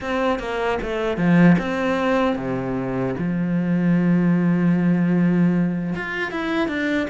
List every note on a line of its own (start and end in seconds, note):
0.00 0.39 C4
0.39 0.78 A#3
0.82 1.17 A3
1.17 1.56 F3
1.58 2.35 C4
2.35 3.14 C3
3.18 5.94 F3
5.95 6.31 F4
6.31 6.67 E4
6.67 7.07 D4